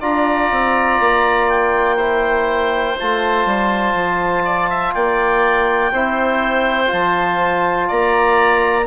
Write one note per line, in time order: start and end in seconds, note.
0.00 0.51 D4
0.00 1.98 F4
0.00 1.97 D5
0.00 1.49 A#5
0.51 1.00 C4
1.00 2.96 A#3
1.49 2.97 G5
1.97 2.97 E4
1.97 4.42 C5
2.97 3.45 A3
2.97 5.92 F4
2.97 4.94 A5
3.45 3.94 G3
3.94 4.93 F3
4.45 4.70 D5
4.70 4.94 E5
4.94 5.92 A#3
4.94 5.93 D5
4.94 6.90 G5
5.92 6.90 C4
5.92 6.87 E4
5.92 7.88 C5
6.87 7.90 F3
6.87 8.83 F4
6.87 7.90 A5
7.88 8.87 A#3
7.88 8.86 D5
7.88 8.87 A#5